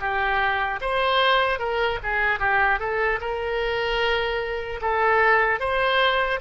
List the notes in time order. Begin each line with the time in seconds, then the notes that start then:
0.00 G4
0.81 C5
1.59 A#4
2.03 G#4
2.40 G4
2.80 A4
3.21 A#4
4.82 A4
5.60 C5